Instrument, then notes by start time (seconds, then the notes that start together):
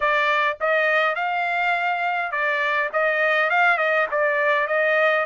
trumpet
0.00 D5
0.60 D#5
1.15 F5
2.31 D5
2.92 D#5
3.50 F5
3.77 D#5
4.11 D5
4.67 D#5